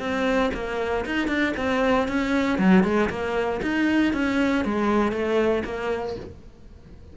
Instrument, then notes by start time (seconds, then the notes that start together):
cello
0.00 C4
0.54 A#3
1.06 D#4
1.28 D4
1.57 C4
2.08 C#4
2.59 F#3
2.84 G#3
3.10 A#3
3.62 D#4
4.14 C#4
4.65 G#3
5.12 A3
5.65 A#3